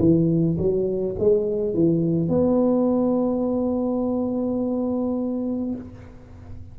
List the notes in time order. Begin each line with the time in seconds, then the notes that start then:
0.00 E3
0.58 F#3
1.20 G#3
1.74 E3
2.29 B3